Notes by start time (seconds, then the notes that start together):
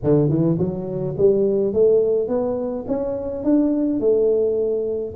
0.03 D3
0.29 E3
0.58 F#3
1.17 G3
1.73 A3
2.28 B3
2.87 C#4
3.44 D4
3.99 A3